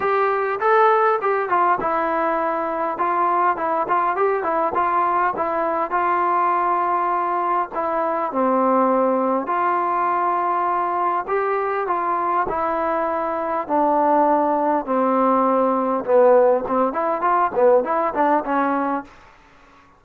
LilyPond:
\new Staff \with { instrumentName = "trombone" } { \time 4/4 \tempo 4 = 101 g'4 a'4 g'8 f'8 e'4~ | e'4 f'4 e'8 f'8 g'8 e'8 | f'4 e'4 f'2~ | f'4 e'4 c'2 |
f'2. g'4 | f'4 e'2 d'4~ | d'4 c'2 b4 | c'8 e'8 f'8 b8 e'8 d'8 cis'4 | }